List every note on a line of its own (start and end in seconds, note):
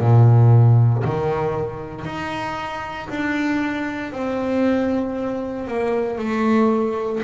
0.00 1.03 A#2
1.04 2.05 D#3
2.05 3.08 D#4
3.09 4.12 D4
4.12 5.67 C4
5.67 6.18 A#3
6.18 7.22 A3